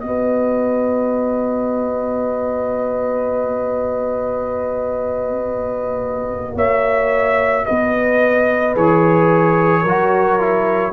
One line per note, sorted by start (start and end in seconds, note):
0.00 6.55 B3
0.00 8.75 F#4
0.00 6.55 D#5
0.07 6.56 B4
6.55 7.64 A#3
6.55 7.65 C#5
6.55 7.66 E5
7.66 8.76 B3
7.66 9.82 B4
7.66 8.75 D#5
8.75 9.84 E3
8.75 9.85 G#4
8.75 10.93 C#5
9.82 10.93 F#3
9.82 10.91 A#4
9.88 10.39 F#4
10.39 10.93 E4